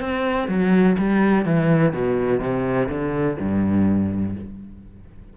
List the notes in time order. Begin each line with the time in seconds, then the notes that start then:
0.00 C4
0.48 F#3
0.98 G3
1.45 E3
1.92 B2
2.40 C3
2.88 D3
3.38 G2